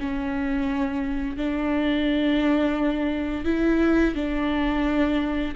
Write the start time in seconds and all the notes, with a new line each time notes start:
0.00 C#4
1.37 D4
3.45 E4
4.15 D4